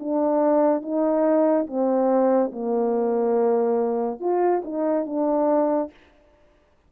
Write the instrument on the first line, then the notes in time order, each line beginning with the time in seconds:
horn
0.00 D4
0.82 D#4
1.67 C4
2.52 A#3
4.20 F4
4.65 D#4
5.06 D4